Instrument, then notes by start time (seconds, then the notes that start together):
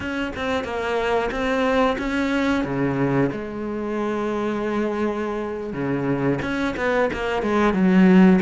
cello
0.00 C#4
0.36 C4
0.64 A#3
1.31 C4
1.98 C#4
2.64 C#3
3.31 G#3
5.73 C#3
6.41 C#4
6.76 B3
7.13 A#3
7.42 G#3
7.73 F#3